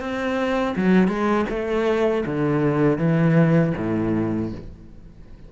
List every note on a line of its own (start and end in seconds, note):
0.00 0.75 C4
0.76 1.08 F#3
1.08 1.45 G#3
1.49 2.24 A3
2.26 2.98 D3
2.98 3.73 E3
3.77 4.52 A2